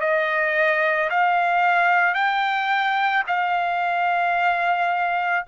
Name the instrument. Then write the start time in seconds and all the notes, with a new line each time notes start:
trumpet
0.00 D#5
1.10 F5
2.14 G5
3.27 F5